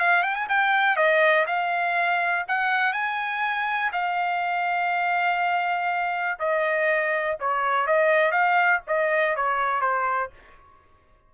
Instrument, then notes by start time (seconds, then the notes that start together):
trumpet
0.00 F5
0.23 G5
0.36 G#5
0.49 G5
0.97 D#5
1.47 F5
2.48 F#5
2.93 G#5
3.93 F5
6.40 D#5
7.40 C#5
7.87 D#5
8.32 F5
8.88 D#5
9.36 C#5
9.82 C5